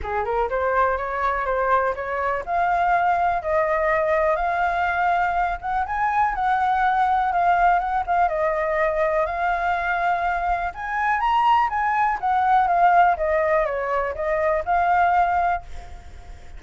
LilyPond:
\new Staff \with { instrumentName = "flute" } { \time 4/4 \tempo 4 = 123 gis'8 ais'8 c''4 cis''4 c''4 | cis''4 f''2 dis''4~ | dis''4 f''2~ f''8 fis''8 | gis''4 fis''2 f''4 |
fis''8 f''8 dis''2 f''4~ | f''2 gis''4 ais''4 | gis''4 fis''4 f''4 dis''4 | cis''4 dis''4 f''2 | }